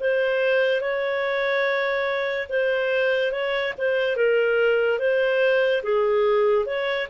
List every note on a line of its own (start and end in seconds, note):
0.00 0.81 C5
0.81 2.47 C#5
2.49 3.31 C5
3.31 3.73 C#5
3.78 4.16 C5
4.16 4.99 A#4
4.99 5.82 C5
5.83 6.66 G#4
6.66 7.08 C#5